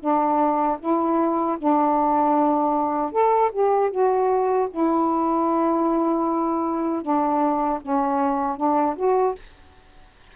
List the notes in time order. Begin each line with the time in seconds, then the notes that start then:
0.00 D4
0.80 E4
1.58 D4
3.12 A4
3.52 G4
3.91 F#4
4.71 E4
7.02 D4
7.82 C#4
8.57 D4
8.96 F#4